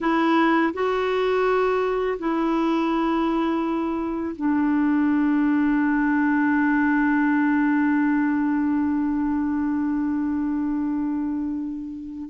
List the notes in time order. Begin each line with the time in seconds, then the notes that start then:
0.00 E4
0.73 F#4
2.19 E4
4.36 D4